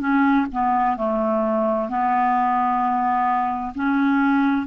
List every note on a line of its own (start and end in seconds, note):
0.00 0.46 C#4
0.52 0.97 B3
0.97 1.89 A3
1.89 3.73 B3
3.75 4.67 C#4